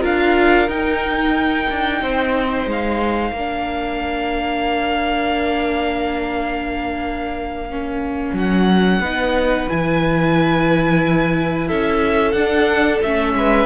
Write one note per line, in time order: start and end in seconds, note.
0.00 0.67 D4
0.00 0.68 F4
0.00 2.00 A#4
0.00 0.70 F5
0.67 1.67 D#4
0.67 3.36 D#4
0.67 2.70 G5
1.69 2.01 D4
2.01 2.66 C4
2.01 3.35 C5
2.66 3.31 G#3
2.66 8.37 F5
3.31 8.31 A#3
3.31 7.70 D4
3.31 9.01 A#4
7.70 9.03 C#4
8.33 9.00 F#3
8.33 9.69 F#5
9.00 9.67 B3
9.00 9.69 D#4
9.00 11.68 B4
9.69 11.71 E3
9.69 12.36 E4
9.69 11.67 G#5
11.67 12.33 C#4
11.67 13.34 A4
11.67 12.32 E5
12.32 13.00 D4
12.32 13.03 D4
12.32 12.98 F#5
13.03 13.34 A3
13.03 13.65 C#4
13.03 13.65 E5
13.34 13.65 G#3
13.34 13.65 B4